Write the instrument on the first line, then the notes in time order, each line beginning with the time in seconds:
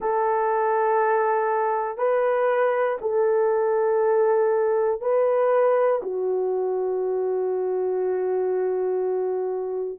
horn
0.00 A4
1.97 B4
3.01 A4
5.00 B4
6.02 F#4